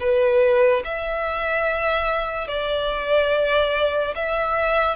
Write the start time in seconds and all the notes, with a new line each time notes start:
0.00 B4
0.84 E5
2.48 D5
4.15 E5